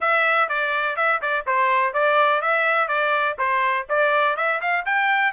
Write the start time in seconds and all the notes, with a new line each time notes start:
0.00 E5
0.49 D5
0.96 E5
1.21 D5
1.46 C5
1.93 D5
2.41 E5
2.88 D5
3.38 C5
3.89 D5
4.36 E5
4.61 F5
4.85 G5